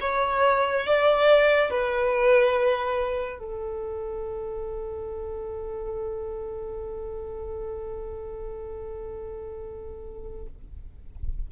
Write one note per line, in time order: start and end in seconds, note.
0.00 0.86 C#5
0.86 1.70 D5
1.70 3.39 B4
3.39 10.46 A4